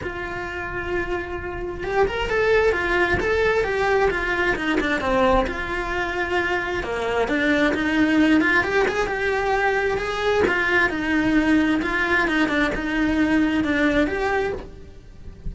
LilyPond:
\new Staff \with { instrumentName = "cello" } { \time 4/4 \tempo 4 = 132 f'1 | g'8 ais'8 a'4 f'4 a'4 | g'4 f'4 dis'8 d'8 c'4 | f'2. ais4 |
d'4 dis'4. f'8 g'8 gis'8 | g'2 gis'4 f'4 | dis'2 f'4 dis'8 d'8 | dis'2 d'4 g'4 | }